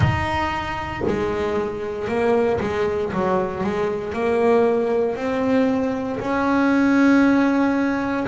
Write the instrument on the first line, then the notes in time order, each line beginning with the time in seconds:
double bass
0.00 D#4
1.07 G#3
2.07 A#3
2.60 G#3
3.12 F#3
3.63 G#3
4.13 A#3
5.15 C4
6.19 C#4